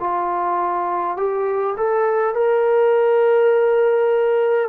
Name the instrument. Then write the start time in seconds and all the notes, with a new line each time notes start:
trombone
0.00 F4
1.17 G4
1.78 A4
2.35 A#4